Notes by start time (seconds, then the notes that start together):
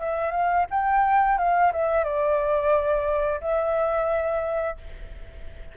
0.00 E5
0.31 F5
0.70 G5
1.38 F5
1.72 E5
2.04 D5
3.41 E5